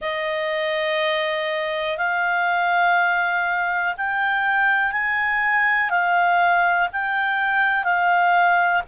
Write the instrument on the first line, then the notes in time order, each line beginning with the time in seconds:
clarinet
0.01 D#5
1.97 F5
3.97 G5
4.92 G#5
5.90 F5
6.92 G5
7.83 F5